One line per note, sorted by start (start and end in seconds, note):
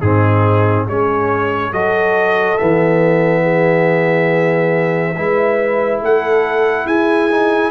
0.00 0.87 G#2
0.00 0.89 C4
0.00 0.86 D#4
0.00 0.86 G#4
0.87 1.72 G#3
0.87 1.73 C#4
0.87 1.72 G#4
0.87 1.73 C#5
1.72 2.58 F#3
1.72 2.58 F#4
1.72 3.43 A4
1.72 2.58 D#5
2.58 5.17 E3
2.58 5.16 B3
2.58 6.01 E5
3.43 5.14 G#4
5.16 6.01 G#3
5.16 7.31 E4
5.16 6.01 B4
6.01 6.86 A3
6.01 6.86 A4
6.01 6.87 F#5
6.86 7.71 E4
6.86 7.71 G#4
6.86 7.71 G#5
7.31 7.71 D#4